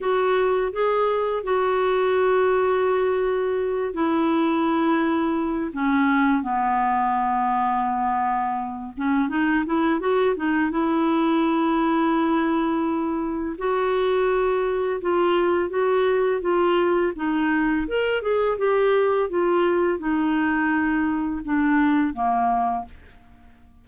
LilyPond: \new Staff \with { instrumentName = "clarinet" } { \time 4/4 \tempo 4 = 84 fis'4 gis'4 fis'2~ | fis'4. e'2~ e'8 | cis'4 b2.~ | b8 cis'8 dis'8 e'8 fis'8 dis'8 e'4~ |
e'2. fis'4~ | fis'4 f'4 fis'4 f'4 | dis'4 ais'8 gis'8 g'4 f'4 | dis'2 d'4 ais4 | }